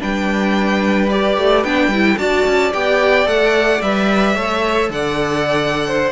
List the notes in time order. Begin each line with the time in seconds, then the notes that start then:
0.00 G3 D4 B4 G5
1.09 G4 D5
1.37 A3
1.64 B3 D4 G5
1.88 G3 E4
2.17 D4 F#4 D5 A5
2.46 C#4
2.72 B3 G4 G5
3.26 A3 A4 F#5
3.81 G3 B4 E5
4.35 A3 A4 C#5
4.89 D3 D5 F#5
5.87 C5